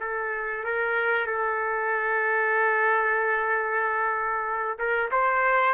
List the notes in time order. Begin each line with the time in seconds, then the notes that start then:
0.00 A4
0.64 A#4
1.26 A4
4.78 A#4
5.11 C5